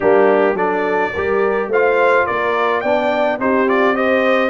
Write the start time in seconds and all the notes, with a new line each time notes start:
0.00 G3 A#3 D4 G4
0.54 F#3 D4 A4 D5
1.13 G3 G4 A#4
1.67 A3 F4 C5 F5
2.26 A#3 A#4 D5
2.80 B3 D4 D5 G5
3.38 C4 D#4 G4 C5
3.67 F4 D5
3.95 G4 C5 D#5